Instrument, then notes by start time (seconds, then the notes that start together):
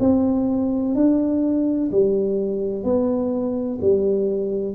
tuba
0.00 C4
0.95 D4
1.92 G3
2.84 B3
3.81 G3